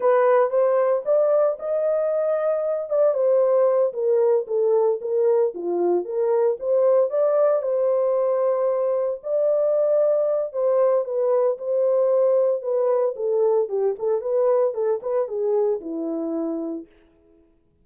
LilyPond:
\new Staff \with { instrumentName = "horn" } { \time 4/4 \tempo 4 = 114 b'4 c''4 d''4 dis''4~ | dis''4. d''8 c''4. ais'8~ | ais'8 a'4 ais'4 f'4 ais'8~ | ais'8 c''4 d''4 c''4.~ |
c''4. d''2~ d''8 | c''4 b'4 c''2 | b'4 a'4 g'8 a'8 b'4 | a'8 b'8 gis'4 e'2 | }